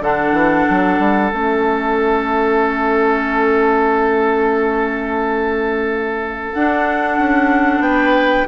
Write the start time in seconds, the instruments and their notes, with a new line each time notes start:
0.00 bassoon D3, clarinet D4, oboe A4, flute F#5
0.32 bassoon E3
0.69 bassoon F#3
0.99 bassoon G3
1.31 bassoon A3, clarinet C#4, flute E5
6.53 bassoon D4, clarinet D4, flute F#5
7.18 bassoon C#4
7.79 bassoon B3, oboe B4, flute G5